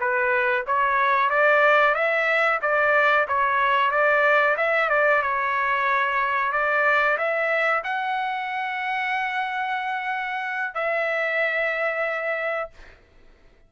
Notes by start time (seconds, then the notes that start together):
0.00 B4
0.66 C#5
1.30 D5
1.94 E5
2.61 D5
3.27 C#5
3.91 D5
4.57 E5
4.89 D5
5.22 C#5
6.52 D5
7.17 E5
7.83 F#5
10.74 E5